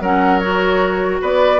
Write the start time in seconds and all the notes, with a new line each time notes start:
0.00 F#3 C#4 A#4 F#5
0.39 F#4 C#5
1.21 B3 B4 D5